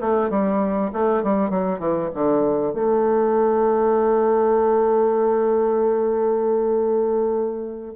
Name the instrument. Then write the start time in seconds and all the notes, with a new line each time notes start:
bassoon
0.00 A3
0.29 G3
0.93 A3
1.23 G3
1.50 F#3
1.79 E3
2.14 D3
2.74 A3